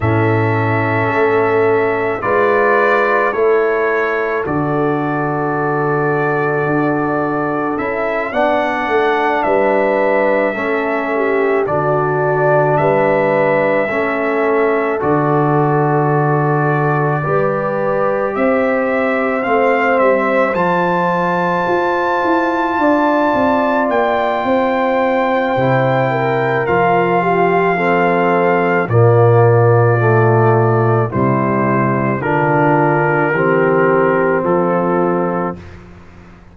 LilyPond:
<<
  \new Staff \with { instrumentName = "trumpet" } { \time 4/4 \tempo 4 = 54 e''2 d''4 cis''4 | d''2. e''8 fis''8~ | fis''8 e''2 d''4 e''8~ | e''4. d''2~ d''8~ |
d''8 e''4 f''8 e''8 a''4.~ | a''4. g''2~ g''8 | f''2 d''2 | c''4 ais'2 a'4 | }
  \new Staff \with { instrumentName = "horn" } { \time 4/4 a'2 b'4 a'4~ | a'2.~ a'8 d''8~ | d''8 b'4 a'8 g'8 fis'4 b'8~ | b'8 a'2. b'8~ |
b'8 c''2.~ c''8~ | c''8 d''4. c''4. ais'8~ | ais'8 g'8 a'4 f'2 | e'4 f'4 g'4 f'4 | }
  \new Staff \with { instrumentName = "trombone" } { \time 4/4 cis'2 f'4 e'4 | fis'2. e'8 d'8~ | d'4. cis'4 d'4.~ | d'8 cis'4 fis'2 g'8~ |
g'4. c'4 f'4.~ | f'2. e'4 | f'4 c'4 ais4 a4 | g4 d'4 c'2 | }
  \new Staff \with { instrumentName = "tuba" } { \time 4/4 a,4 a4 gis4 a4 | d2 d'4 cis'8 b8 | a8 g4 a4 d4 g8~ | g8 a4 d2 g8~ |
g8 c'4 a8 g8 f4 f'8 | e'8 d'8 c'8 ais8 c'4 c4 | f2 ais,2 | c4 d4 e4 f4 | }
>>